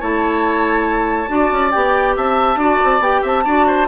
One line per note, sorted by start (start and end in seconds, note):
0.00 1.29 A3
0.00 1.28 E4
0.00 1.29 C#5
0.00 1.71 A5
1.28 1.50 D4
1.28 1.71 F#4
1.28 2.17 D5
1.52 1.73 C#4
1.71 2.17 B3
1.71 2.57 G4
1.71 2.15 G5
2.17 2.56 C4
2.17 2.60 E5
2.17 3.03 A5
2.56 2.78 D4
2.56 3.01 F#4
2.56 3.22 D5
2.84 3.00 C4
3.00 3.21 B3
3.00 3.45 G4
3.00 3.24 G5
3.22 3.45 C4
3.22 3.44 E5
3.22 3.88 A5
3.45 3.88 D4
3.45 3.88 F#4
3.45 3.66 D5
3.67 3.88 C5